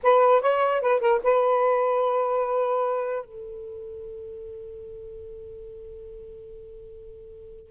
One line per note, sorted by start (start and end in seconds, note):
0.03 0.41 B4
0.41 0.81 C#5
0.81 1.00 B4
1.00 1.20 A#4
1.23 3.25 B4
3.25 7.71 A4